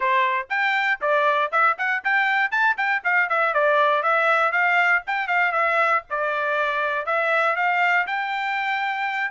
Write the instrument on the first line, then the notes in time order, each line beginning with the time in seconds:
trumpet
0.00 C5
0.49 G5
1.01 D5
1.51 E5
1.78 F#5
2.04 G5
2.51 A5
2.77 G5
3.04 F5
3.29 E5
3.54 D5
4.02 E5
4.51 F5
5.06 G5
5.27 F5
5.52 E5
6.09 D5
7.06 E5
7.56 F5
8.06 G5